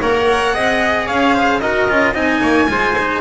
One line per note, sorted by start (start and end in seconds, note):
0.00 0.55 A#3
0.00 0.54 A#4
0.00 0.54 C#5
0.00 1.07 F#5
0.54 1.08 C4
0.54 1.61 G#4
0.54 1.06 D#5
1.06 1.61 C#4
1.06 1.33 C#5
1.06 1.60 F5
1.33 1.60 C5
1.60 1.88 D#4
1.60 1.89 F#4
1.60 2.13 A#4
1.60 2.14 D#5
1.88 2.14 C#4
1.88 2.14 F4
2.13 2.40 C4
2.13 2.68 D#4
2.13 2.40 D#5
2.13 3.21 G#5
2.41 2.68 A#3
2.41 2.68 C#5
2.68 3.21 G#3
2.68 2.95 F4
2.68 3.21 C5
2.98 3.21 D#4